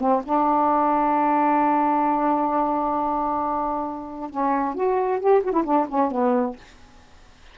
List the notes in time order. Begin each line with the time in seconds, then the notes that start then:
0.00 C4
0.24 D4
4.30 C#4
4.75 F#4
5.19 G4
5.43 F#4
5.52 E4
5.64 D4
5.88 C#4
6.11 B3